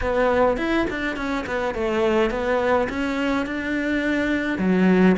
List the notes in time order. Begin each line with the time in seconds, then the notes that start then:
0.01 B3
0.57 E4
0.89 D4
1.16 C#4
1.46 B3
1.74 A3
2.30 B3
2.89 C#4
3.45 D4
4.58 F#3